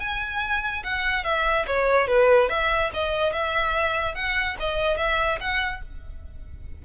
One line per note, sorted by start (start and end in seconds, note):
0.00 0.83 G#5
0.84 1.24 F#5
1.24 1.66 E5
1.67 2.08 C#5
2.08 2.49 B4
2.49 2.91 E5
2.94 3.33 D#5
3.33 4.15 E5
4.15 4.56 F#5
4.60 4.98 D#5
4.98 5.39 E5
5.40 5.82 F#5